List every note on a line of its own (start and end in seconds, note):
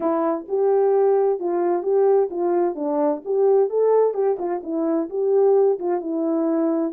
0.00 0.46 E4
0.48 1.39 G4
1.39 1.83 F4
1.83 2.29 G4
2.30 2.75 F4
2.75 3.21 D4
3.24 3.69 G4
3.69 4.13 A4
4.13 4.37 G4
4.38 4.61 F4
4.63 5.09 E4
5.09 5.78 G4
5.79 6.00 F4
6.00 6.92 E4